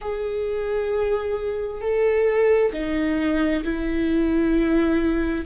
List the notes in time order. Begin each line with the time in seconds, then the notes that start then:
0.01 G#4
1.81 A4
2.72 D#4
3.64 E4